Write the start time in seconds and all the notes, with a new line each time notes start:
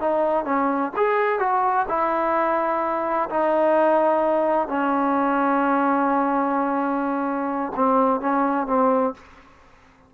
0.00 D#4
0.45 C#4
0.96 G#4
1.39 F#4
1.88 E4
3.30 D#4
4.68 C#4
7.76 C4
8.20 C#4
8.67 C4